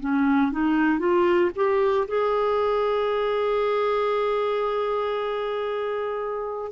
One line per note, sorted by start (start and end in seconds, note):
0.00 0.52 C#4
0.52 0.99 D#4
0.99 1.51 F4
1.56 2.07 G4
2.08 6.72 G#4